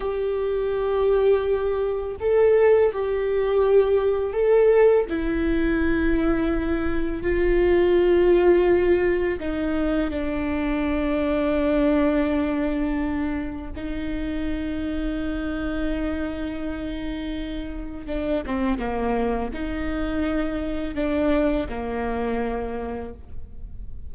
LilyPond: \new Staff \with { instrumentName = "viola" } { \time 4/4 \tempo 4 = 83 g'2. a'4 | g'2 a'4 e'4~ | e'2 f'2~ | f'4 dis'4 d'2~ |
d'2. dis'4~ | dis'1~ | dis'4 d'8 c'8 ais4 dis'4~ | dis'4 d'4 ais2 | }